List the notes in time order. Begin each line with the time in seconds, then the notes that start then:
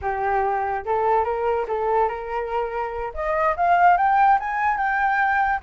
0.01 G4
0.85 A4
1.24 A#4
1.68 A4
2.08 A#4
3.14 D#5
3.56 F5
3.97 G5
4.39 G#5
4.77 G5